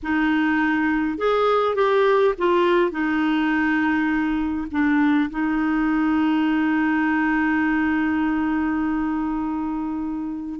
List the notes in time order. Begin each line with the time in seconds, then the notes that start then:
0.03 D#4
1.18 G#4
1.75 G4
2.38 F4
2.91 D#4
4.71 D4
5.30 D#4